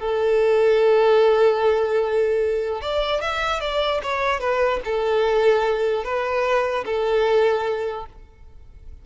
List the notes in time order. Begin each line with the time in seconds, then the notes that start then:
0.00 A4
2.82 D5
3.21 E5
3.61 D5
4.03 C#5
4.40 B4
4.85 A4
6.04 B4
6.86 A4